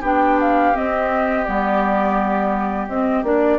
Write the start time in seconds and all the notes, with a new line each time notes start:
0.00 B3 D4 G4 G5
0.40 F5
0.73 C4 D#5
1.44 G3 B3 D5
2.88 C4 D#5
3.23 A#3 D4 D5